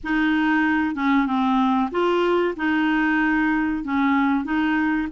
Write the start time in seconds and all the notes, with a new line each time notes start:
0.03 D#4
0.95 C#4
1.26 C4
1.91 F4
2.56 D#4
3.84 C#4
4.44 D#4